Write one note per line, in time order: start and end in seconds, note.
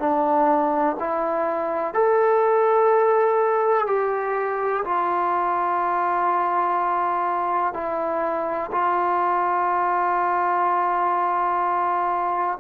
0.00 0.97 D4
1.00 1.94 E4
1.94 3.87 A4
3.87 4.84 G4
4.85 7.74 F4
7.74 8.71 E4
8.72 12.59 F4